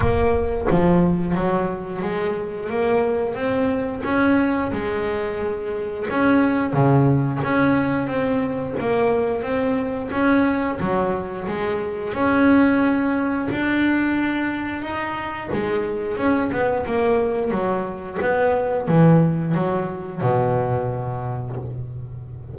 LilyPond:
\new Staff \with { instrumentName = "double bass" } { \time 4/4 \tempo 4 = 89 ais4 f4 fis4 gis4 | ais4 c'4 cis'4 gis4~ | gis4 cis'4 cis4 cis'4 | c'4 ais4 c'4 cis'4 |
fis4 gis4 cis'2 | d'2 dis'4 gis4 | cis'8 b8 ais4 fis4 b4 | e4 fis4 b,2 | }